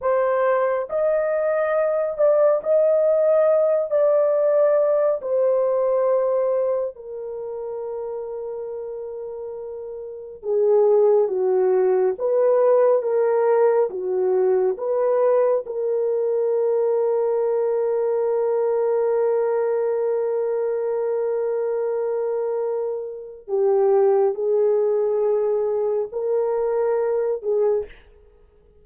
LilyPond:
\new Staff \with { instrumentName = "horn" } { \time 4/4 \tempo 4 = 69 c''4 dis''4. d''8 dis''4~ | dis''8 d''4. c''2 | ais'1 | gis'4 fis'4 b'4 ais'4 |
fis'4 b'4 ais'2~ | ais'1~ | ais'2. g'4 | gis'2 ais'4. gis'8 | }